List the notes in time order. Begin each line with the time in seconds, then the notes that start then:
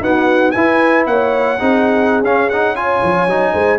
0.00 B3 D#4 F#4 F#5
0.51 E4 B4 G#5
1.07 A#3 C#5 F#5
1.59 C4 D#4 G#4
2.22 C#4 F5
2.49 D#4 F#5
2.76 F4 C#5 G#5
3.03 F3
3.27 F#3 D#4
3.53 G#3 C5